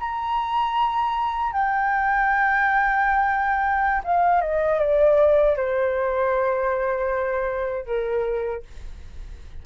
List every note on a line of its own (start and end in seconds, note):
0.00 1.53 A#5
1.53 4.03 G5
4.04 4.41 F5
4.41 4.80 D#5
4.80 5.57 D5
5.57 7.86 C5
7.86 8.63 A#4